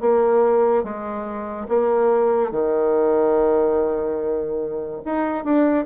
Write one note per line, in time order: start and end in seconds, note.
0.00 0.83 A#3
0.83 1.67 G#3
1.69 2.51 A#3
2.51 5.01 D#3
5.05 5.44 D#4
5.44 5.85 D4